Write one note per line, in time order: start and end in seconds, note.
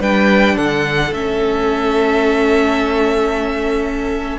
0.00 0.57 G3
0.00 1.15 D4
0.00 0.56 B4
0.00 0.58 G5
0.56 1.12 D3
0.56 4.38 A4
0.56 1.14 F#5
1.12 4.37 A3
1.12 4.39 C#4
1.12 4.39 E5